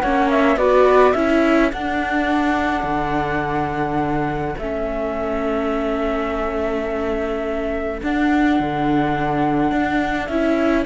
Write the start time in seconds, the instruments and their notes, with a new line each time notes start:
0.00 cello A#3, viola C#4, flute C#5 F#5
0.30 flute E5
0.56 cello B3, viola F#4, flute B4 D5
1.12 cello C#4, viola E4, flute A4 E5
1.72 cello D4, viola D4, flute F#5
2.83 cello D3
4.58 cello A3, viola C#4, flute E5
8.02 viola D4, cello D4, flute F#5
8.59 cello D3
9.71 cello D4
10.26 cello C#4, viola E4, flute E5